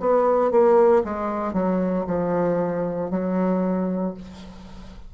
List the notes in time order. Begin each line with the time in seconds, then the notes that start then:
0.00 B3
0.51 A#3
1.04 G#3
1.53 F#3
2.07 F3
3.11 F#3